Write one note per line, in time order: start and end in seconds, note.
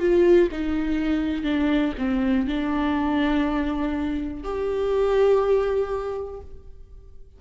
0.00 0.49 F4
0.52 1.44 D#4
1.44 1.93 D4
1.99 2.47 C4
2.47 4.44 D4
4.44 6.41 G4